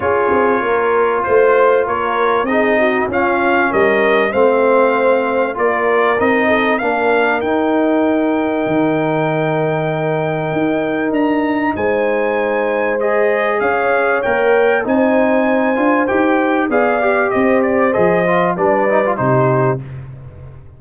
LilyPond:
<<
  \new Staff \with { instrumentName = "trumpet" } { \time 4/4 \tempo 4 = 97 cis''2 c''4 cis''4 | dis''4 f''4 dis''4 f''4~ | f''4 d''4 dis''4 f''4 | g''1~ |
g''2 ais''4 gis''4~ | gis''4 dis''4 f''4 g''4 | gis''2 g''4 f''4 | dis''8 d''8 dis''4 d''4 c''4 | }
  \new Staff \with { instrumentName = "horn" } { \time 4/4 gis'4 ais'4 c''4 ais'4 | gis'8 fis'8 f'4 ais'4 c''4~ | c''4 ais'4. a'8 ais'4~ | ais'1~ |
ais'2. c''4~ | c''2 cis''2 | c''2. d''4 | c''2 b'4 g'4 | }
  \new Staff \with { instrumentName = "trombone" } { \time 4/4 f'1 | dis'4 cis'2 c'4~ | c'4 f'4 dis'4 d'4 | dis'1~ |
dis'1~ | dis'4 gis'2 ais'4 | dis'4. f'8 g'4 gis'8 g'8~ | g'4 gis'8 f'8 d'8 dis'16 f'16 dis'4 | }
  \new Staff \with { instrumentName = "tuba" } { \time 4/4 cis'8 c'8 ais4 a4 ais4 | c'4 cis'4 g4 a4~ | a4 ais4 c'4 ais4 | dis'2 dis2~ |
dis4 dis'4 d'4 gis4~ | gis2 cis'4 ais4 | c'4. d'8 dis'4 b4 | c'4 f4 g4 c4 | }
>>